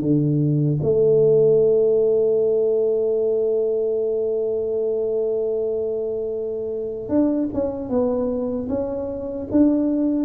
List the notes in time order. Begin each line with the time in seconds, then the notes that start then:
0.00 D3
0.82 A3
7.08 D4
7.53 C#4
7.89 B3
8.68 C#4
9.51 D4